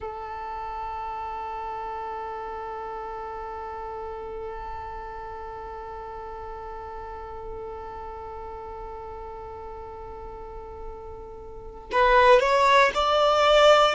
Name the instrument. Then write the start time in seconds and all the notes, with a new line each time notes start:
violin
0.00 A4
11.91 B4
12.39 C#5
12.94 D5